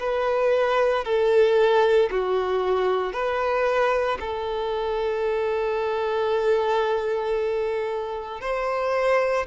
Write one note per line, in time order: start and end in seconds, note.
0.00 1.05 B4
1.05 2.10 A4
2.11 3.13 F#4
3.13 4.18 B4
4.21 8.42 A4
8.42 9.47 C5